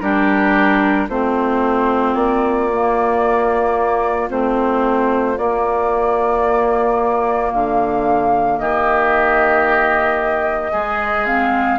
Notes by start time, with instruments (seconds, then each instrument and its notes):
0.00 bassoon G3, clarinet D4, oboe G4, flute A#4
1.09 bassoon A3, clarinet C4, oboe F4, flute C5
2.14 bassoon A#3, flute D5
2.73 clarinet A#3
4.29 bassoon A3, clarinet C4, flute C5
5.37 bassoon A#3, clarinet A#3, flute D5
7.52 bassoon D3, flute F5
8.58 bassoon D#3, oboe G4, flute D#5
10.71 bassoon G#3, clarinet G#3, oboe G#4
11.26 clarinet C4, flute F5